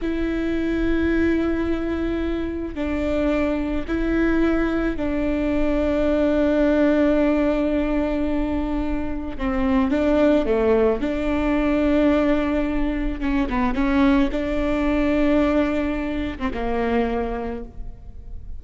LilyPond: \new Staff \with { instrumentName = "viola" } { \time 4/4 \tempo 4 = 109 e'1~ | e'4 d'2 e'4~ | e'4 d'2.~ | d'1~ |
d'4 c'4 d'4 a4 | d'1 | cis'8 b8 cis'4 d'2~ | d'4.~ d'16 c'16 ais2 | }